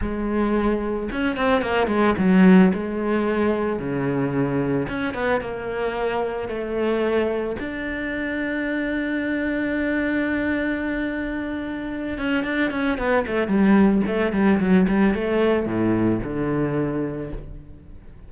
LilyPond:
\new Staff \with { instrumentName = "cello" } { \time 4/4 \tempo 4 = 111 gis2 cis'8 c'8 ais8 gis8 | fis4 gis2 cis4~ | cis4 cis'8 b8 ais2 | a2 d'2~ |
d'1~ | d'2~ d'8 cis'8 d'8 cis'8 | b8 a8 g4 a8 g8 fis8 g8 | a4 a,4 d2 | }